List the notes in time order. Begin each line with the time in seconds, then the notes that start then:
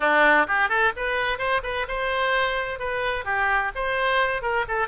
0.00 D4
0.47 G4
0.68 A4
0.96 B4
1.38 C5
1.63 B4
1.88 C5
2.79 B4
3.25 G4
3.75 C5
4.41 A#4
4.68 A4